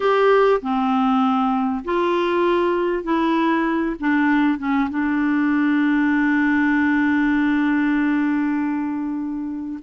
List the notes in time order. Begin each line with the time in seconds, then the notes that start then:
0.00 G4
0.61 C4
1.84 F4
3.03 E4
3.99 D4
4.58 C#4
4.90 D4